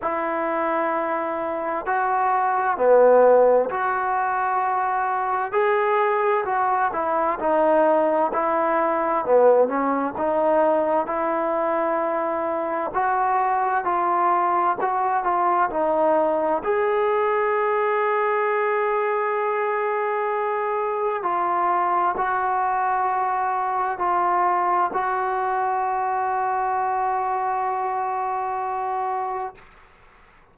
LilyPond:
\new Staff \with { instrumentName = "trombone" } { \time 4/4 \tempo 4 = 65 e'2 fis'4 b4 | fis'2 gis'4 fis'8 e'8 | dis'4 e'4 b8 cis'8 dis'4 | e'2 fis'4 f'4 |
fis'8 f'8 dis'4 gis'2~ | gis'2. f'4 | fis'2 f'4 fis'4~ | fis'1 | }